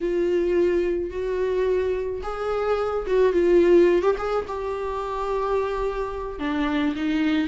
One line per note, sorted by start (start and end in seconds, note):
0.00 1.10 F4
1.10 2.21 F#4
2.22 3.06 G#4
3.07 3.32 F#4
3.32 4.02 F4
4.02 4.16 G4
4.18 4.45 G#4
4.47 6.39 G4
6.39 6.94 D4
6.95 7.47 D#4